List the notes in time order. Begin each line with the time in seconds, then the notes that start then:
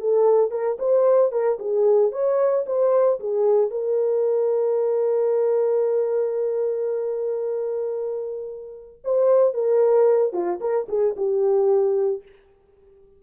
0.00 A4
0.51 A#4
0.79 C5
1.32 A#4
1.59 G#4
2.12 C#5
2.66 C5
3.20 G#4
3.71 A#4
9.04 C5
9.54 A#4
10.33 F4
10.60 A#4
10.89 G#4
11.16 G4